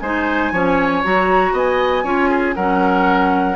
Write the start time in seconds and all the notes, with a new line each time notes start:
0.00 G#3 D#4 C5 G#5
0.51 F3 C#4 C#5
1.04 F#3 F#4 A#5
1.52 B3 D#5 G#5
2.03 C#4 F4 C#5
2.29 G#4
2.55 F#3 C#4 A#4 F#5